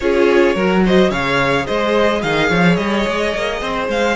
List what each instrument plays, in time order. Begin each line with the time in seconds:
0.00 cello C#4, viola F4, violin G#4 C#5
0.55 cello F#3, viola F#4, violin A#4
0.85 violin C5 D#5
1.10 cello C#3, viola G#4, violin C#5 F5
1.65 cello G#3, violin C5 D#5
2.22 cello D#3, violin D#5 F5
2.48 cello F3, violin C#5
2.75 cello G3, violin D#5
3.07 cello G#3
3.34 cello A#3
3.61 cello C4, violin C5
3.88 cello G#3, violin F5